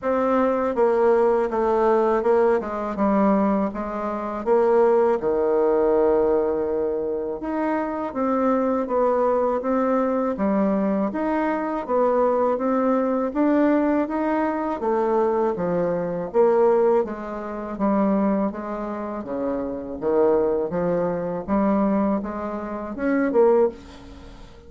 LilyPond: \new Staff \with { instrumentName = "bassoon" } { \time 4/4 \tempo 4 = 81 c'4 ais4 a4 ais8 gis8 | g4 gis4 ais4 dis4~ | dis2 dis'4 c'4 | b4 c'4 g4 dis'4 |
b4 c'4 d'4 dis'4 | a4 f4 ais4 gis4 | g4 gis4 cis4 dis4 | f4 g4 gis4 cis'8 ais8 | }